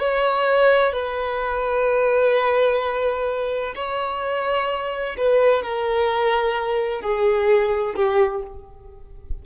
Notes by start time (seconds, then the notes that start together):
0.00 C#5
0.93 B4
3.76 C#5
5.18 B4
5.63 A#4
7.01 G#4
7.96 G4